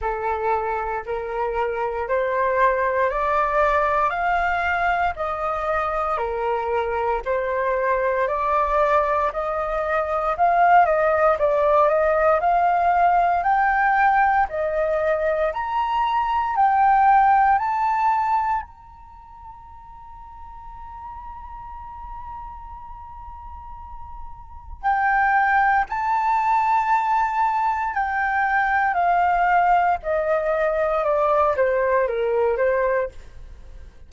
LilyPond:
\new Staff \with { instrumentName = "flute" } { \time 4/4 \tempo 4 = 58 a'4 ais'4 c''4 d''4 | f''4 dis''4 ais'4 c''4 | d''4 dis''4 f''8 dis''8 d''8 dis''8 | f''4 g''4 dis''4 ais''4 |
g''4 a''4 ais''2~ | ais''1 | g''4 a''2 g''4 | f''4 dis''4 d''8 c''8 ais'8 c''8 | }